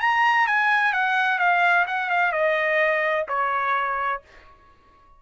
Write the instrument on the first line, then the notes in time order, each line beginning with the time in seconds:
trumpet
0.00 A#5
0.47 G#5
0.93 F#5
1.39 F5
1.87 F#5
2.10 F5
2.32 D#5
3.28 C#5